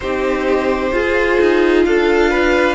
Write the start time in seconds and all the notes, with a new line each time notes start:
0.00 C4 D#4 G4 C5
0.92 F4 G#4
1.40 D#4
1.85 D4 A4 F5
2.30 B4